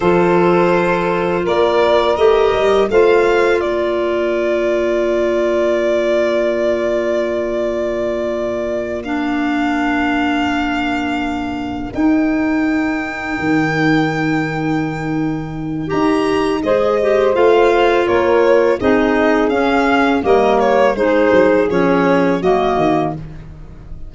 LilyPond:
<<
  \new Staff \with { instrumentName = "violin" } { \time 4/4 \tempo 4 = 83 c''2 d''4 dis''4 | f''4 d''2.~ | d''1~ | d''8 f''2.~ f''8~ |
f''8 g''2.~ g''8~ | g''2 ais''4 dis''4 | f''4 cis''4 dis''4 f''4 | dis''8 cis''8 c''4 cis''4 dis''4 | }
  \new Staff \with { instrumentName = "saxophone" } { \time 4/4 a'2 ais'2 | c''4 ais'2.~ | ais'1~ | ais'1~ |
ais'1~ | ais'2. c''4~ | c''4 ais'4 gis'2 | ais'4 gis'2 fis'4 | }
  \new Staff \with { instrumentName = "clarinet" } { \time 4/4 f'2. g'4 | f'1~ | f'1~ | f'8 d'2.~ d'8~ |
d'8 dis'2.~ dis'8~ | dis'2 g'4 gis'8 g'8 | f'2 dis'4 cis'4 | ais4 dis'4 cis'4 ais4 | }
  \new Staff \with { instrumentName = "tuba" } { \time 4/4 f2 ais4 a8 g8 | a4 ais2.~ | ais1~ | ais1~ |
ais8 dis'2 dis4.~ | dis2 dis'4 gis4 | a4 ais4 c'4 cis'4 | g4 gis8 fis8 f4 fis8 dis8 | }
>>